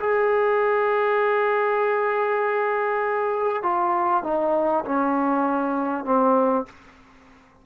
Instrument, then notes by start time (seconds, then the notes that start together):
trombone
0.00 G#4
3.63 F4
4.24 D#4
4.86 C#4
6.05 C4